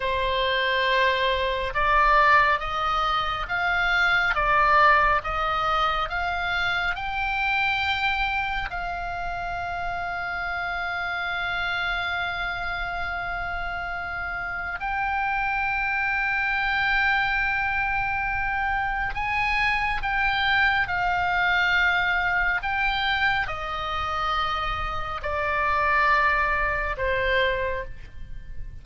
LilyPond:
\new Staff \with { instrumentName = "oboe" } { \time 4/4 \tempo 4 = 69 c''2 d''4 dis''4 | f''4 d''4 dis''4 f''4 | g''2 f''2~ | f''1~ |
f''4 g''2.~ | g''2 gis''4 g''4 | f''2 g''4 dis''4~ | dis''4 d''2 c''4 | }